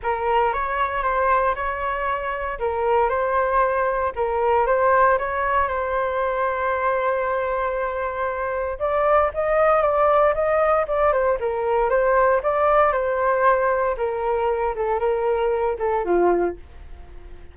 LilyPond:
\new Staff \with { instrumentName = "flute" } { \time 4/4 \tempo 4 = 116 ais'4 cis''4 c''4 cis''4~ | cis''4 ais'4 c''2 | ais'4 c''4 cis''4 c''4~ | c''1~ |
c''4 d''4 dis''4 d''4 | dis''4 d''8 c''8 ais'4 c''4 | d''4 c''2 ais'4~ | ais'8 a'8 ais'4. a'8 f'4 | }